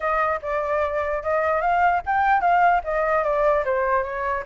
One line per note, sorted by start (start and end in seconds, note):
0.00 0.40 D#5
0.42 1.22 D5
1.22 1.61 D#5
1.61 2.01 F5
2.05 2.40 G5
2.40 2.81 F5
2.84 3.23 D#5
3.23 3.64 D5
3.64 4.03 C5
4.03 4.43 C#5